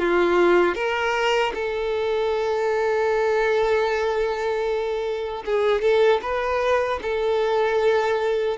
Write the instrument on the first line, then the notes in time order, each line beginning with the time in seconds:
violin
0.00 F4
0.75 A#4
1.54 A4
5.46 G#4
5.82 A4
6.22 B4
7.03 A4